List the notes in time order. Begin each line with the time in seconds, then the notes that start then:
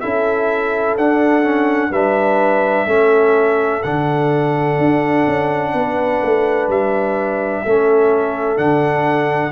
0.00 C#4 E4 A4 E5
0.97 D4 F#5
1.43 C#4
1.90 G3 D4 B4 E5
2.86 A3 C#4 A4
3.83 D3 D4 F#5
4.78 D4
5.27 C#4
5.74 B3 B4
6.22 A3
6.68 G3 E5
7.64 A3 C#4 A4
8.56 D3 D4 F#5